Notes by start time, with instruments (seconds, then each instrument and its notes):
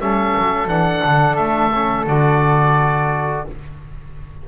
0.00 double bass G3, trombone C#4, flute A4, oboe E5
0.37 double bass F#3
0.67 double bass E3, trombone D4, oboe F#5
1.04 double bass D3
1.36 double bass A3, oboe E5
1.73 trombone C#4
2.06 double bass D3, trombone F#4, oboe D5